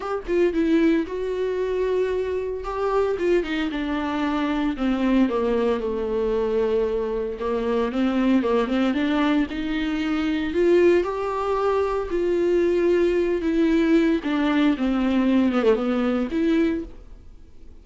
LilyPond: \new Staff \with { instrumentName = "viola" } { \time 4/4 \tempo 4 = 114 g'8 f'8 e'4 fis'2~ | fis'4 g'4 f'8 dis'8 d'4~ | d'4 c'4 ais4 a4~ | a2 ais4 c'4 |
ais8 c'8 d'4 dis'2 | f'4 g'2 f'4~ | f'4. e'4. d'4 | c'4. b16 a16 b4 e'4 | }